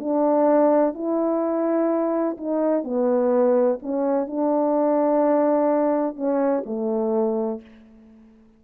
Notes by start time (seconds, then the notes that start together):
0.00 D4
0.95 E4
2.38 D#4
2.84 B3
3.83 C#4
4.27 D4
6.16 C#4
6.66 A3